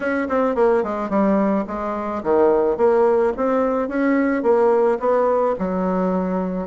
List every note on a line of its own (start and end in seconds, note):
0.00 0.27 C#4
0.28 0.55 C4
0.55 0.83 A#3
0.83 1.09 G#3
1.09 1.65 G3
1.67 2.22 G#3
2.23 2.77 D#3
2.77 3.32 A#3
3.36 3.88 C4
3.88 4.42 C#4
4.42 4.98 A#3
4.99 5.55 B3
5.58 6.67 F#3